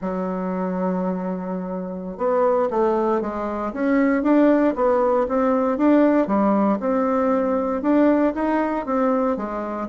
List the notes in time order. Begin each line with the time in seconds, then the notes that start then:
0.01 F#3
2.17 B3
2.70 A3
3.21 G#3
3.73 C#4
4.22 D4
4.75 B3
5.28 C4
5.77 D4
6.27 G3
6.80 C4
7.82 D4
8.34 D#4
8.85 C4
9.36 G#3